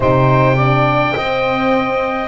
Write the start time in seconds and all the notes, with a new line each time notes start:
0.00 C3 D#4 C5 G5
0.56 D4 D5
1.16 C4 D#5